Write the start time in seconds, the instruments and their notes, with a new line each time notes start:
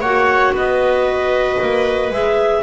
0.00 double bass A#3, clarinet F#4 F#5, viola C#5
0.53 double bass B3, viola B4, clarinet D#5
1.62 double bass A#3
2.10 double bass G#3, clarinet G#4 E5